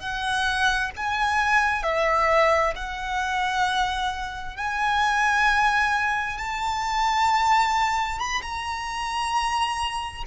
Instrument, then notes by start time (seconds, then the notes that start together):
violin
0.00 F#5
0.97 G#5
1.83 E5
2.76 F#5
4.57 G#5
6.38 A5
8.19 B5
8.43 A#5